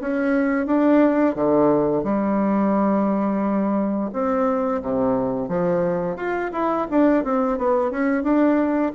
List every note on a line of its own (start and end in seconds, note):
0.00 0.66 C#4
0.66 1.35 D4
1.35 2.03 D3
2.03 4.10 G3
4.12 4.81 C4
4.82 5.48 C3
5.48 6.16 F3
6.16 6.50 F4
6.52 6.87 E4
6.90 7.24 D4
7.24 7.58 C4
7.58 7.91 B3
7.91 8.23 C#4
8.23 8.92 D4